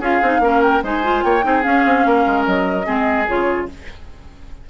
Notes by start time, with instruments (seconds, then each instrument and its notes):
0.00 bassoon C#4, clarinet F4, oboe G#4, flute F5
0.22 bassoon C4, clarinet D#4
0.40 bassoon A#3, clarinet C#4, oboe A#4
0.62 flute G5
0.83 bassoon G#3, clarinet D#4, oboe C5, flute G#5
1.03 clarinet F4
1.24 bassoon A#3, oboe C#5, flute G5
1.42 bassoon C4, clarinet D#4, oboe G#4
1.63 clarinet C#4, bassoon C#4, flute F5
1.85 bassoon C4
2.06 bassoon A#3, oboe A#4
2.27 bassoon G#3
2.46 bassoon F#3, flute D#5
2.85 bassoon G#3, clarinet C4, oboe G#4
3.28 bassoon C#3, clarinet F4, flute C#5